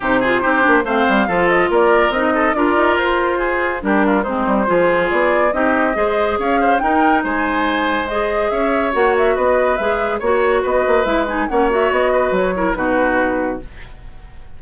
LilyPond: <<
  \new Staff \with { instrumentName = "flute" } { \time 4/4 \tempo 4 = 141 c''2 f''4. dis''8 | d''4 dis''4 d''4 c''4~ | c''4 ais'4 c''2 | d''4 dis''2 f''4 |
g''4 gis''2 dis''4 | e''4 fis''8 e''8 dis''4 e''4 | cis''4 dis''4 e''8 gis''8 fis''8 e''8 | dis''4 cis''4 b'2 | }
  \new Staff \with { instrumentName = "oboe" } { \time 4/4 g'8 gis'8 g'4 c''4 a'4 | ais'4. a'8 ais'2 | gis'4 g'8 f'8 dis'4 gis'4~ | gis'4 g'4 c''4 cis''8 c''8 |
ais'4 c''2. | cis''2 b'2 | cis''4 b'2 cis''4~ | cis''8 b'4 ais'8 fis'2 | }
  \new Staff \with { instrumentName = "clarinet" } { \time 4/4 dis'8 f'8 dis'8 d'8 c'4 f'4~ | f'4 dis'4 f'2~ | f'4 d'4 c'4 f'4~ | f'4 dis'4 gis'2 |
dis'2. gis'4~ | gis'4 fis'2 gis'4 | fis'2 e'8 dis'8 cis'8 fis'8~ | fis'4. e'8 dis'2 | }
  \new Staff \with { instrumentName = "bassoon" } { \time 4/4 c4 c'8 ais8 a8 g8 f4 | ais4 c'4 d'8 dis'8 f'4~ | f'4 g4 gis8 g8 f4 | b4 c'4 gis4 cis'4 |
dis'4 gis2. | cis'4 ais4 b4 gis4 | ais4 b8 ais8 gis4 ais4 | b4 fis4 b,2 | }
>>